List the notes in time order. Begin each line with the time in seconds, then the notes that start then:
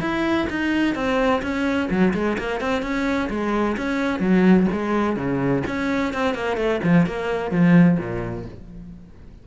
0.00 E4
0.49 D#4
0.95 C4
1.42 C#4
1.90 F#3
2.13 G#3
2.38 A#3
2.60 C4
2.82 C#4
3.29 G#3
3.76 C#4
4.20 F#3
4.72 G#3
5.16 C#3
5.67 C#4
6.13 C4
6.34 A#3
6.56 A3
6.83 F3
7.06 A#3
7.51 F3
7.98 A#2